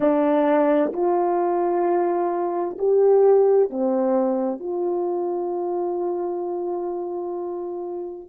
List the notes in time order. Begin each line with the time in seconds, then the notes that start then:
0.00 D4
0.92 F4
2.78 G4
3.69 C4
4.59 F4